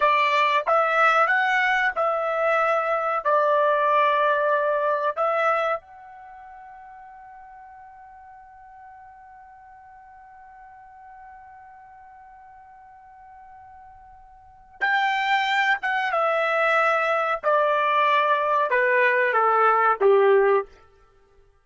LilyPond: \new Staff \with { instrumentName = "trumpet" } { \time 4/4 \tempo 4 = 93 d''4 e''4 fis''4 e''4~ | e''4 d''2. | e''4 fis''2.~ | fis''1~ |
fis''1~ | fis''2. g''4~ | g''8 fis''8 e''2 d''4~ | d''4 b'4 a'4 g'4 | }